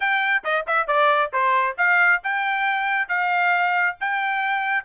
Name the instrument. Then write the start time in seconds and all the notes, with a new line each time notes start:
trumpet
0.00 G5
0.44 D#5
0.66 E5
0.87 D5
1.32 C5
1.77 F5
2.23 G5
3.08 F5
4.00 G5